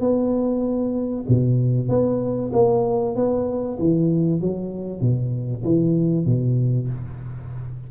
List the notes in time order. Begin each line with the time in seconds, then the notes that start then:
0.00 B3
1.28 B2
1.89 B3
2.53 A#3
3.15 B3
3.79 E3
4.41 F#3
5.00 B2
5.64 E3
6.26 B2